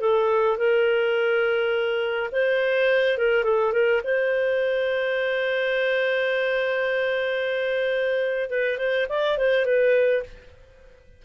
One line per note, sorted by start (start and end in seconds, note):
0.00 0.57 A4
0.57 2.30 A#4
2.32 3.18 C5
3.18 3.44 A#4
3.44 3.72 A4
3.72 4.01 A#4
4.04 8.50 C5
8.50 8.78 B4
8.78 9.07 C5
9.09 9.37 D5
9.37 9.65 C5
9.65 10.23 B4